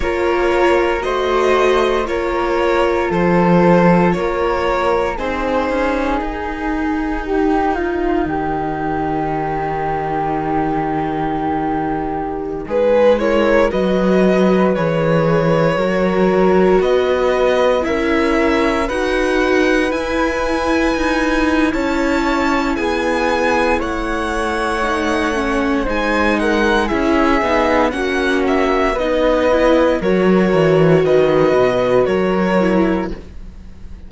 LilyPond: <<
  \new Staff \with { instrumentName = "violin" } { \time 4/4 \tempo 4 = 58 cis''4 dis''4 cis''4 c''4 | cis''4 c''4 ais'2~ | ais'1~ | ais'16 b'8 cis''8 dis''4 cis''4.~ cis''16~ |
cis''16 dis''4 e''4 fis''4 gis''8.~ | gis''4 a''4 gis''4 fis''4~ | fis''4 gis''8 fis''8 e''4 fis''8 e''8 | dis''4 cis''4 dis''4 cis''4 | }
  \new Staff \with { instrumentName = "flute" } { \time 4/4 ais'4 c''4 ais'4 a'4 | ais'4 gis'2 g'8 f'8 | g'1~ | g'16 gis'8 ais'8 b'2 ais'8.~ |
ais'16 b'4 ais'4 b'4.~ b'16~ | b'4 cis''4 gis'4 cis''4~ | cis''4 c''8 ais'8 gis'4 fis'4 | b'4 ais'4 b'4 ais'4 | }
  \new Staff \with { instrumentName = "viola" } { \time 4/4 f'4 fis'4 f'2~ | f'4 dis'2.~ | dis'1~ | dis'8. e'8 fis'4 gis'4 fis'8.~ |
fis'4~ fis'16 e'4 fis'4 e'8.~ | e'1 | dis'8 cis'8 dis'4 e'8 dis'8 cis'4 | dis'8 e'8 fis'2~ fis'8 e'8 | }
  \new Staff \with { instrumentName = "cello" } { \time 4/4 ais4 a4 ais4 f4 | ais4 c'8 cis'8 dis'2 | dis1~ | dis16 gis4 fis4 e4 fis8.~ |
fis16 b4 cis'4 dis'4 e'8.~ | e'16 dis'8. cis'4 b4 a4~ | a4 gis4 cis'8 b8 ais4 | b4 fis8 e8 dis8 b,8 fis4 | }
>>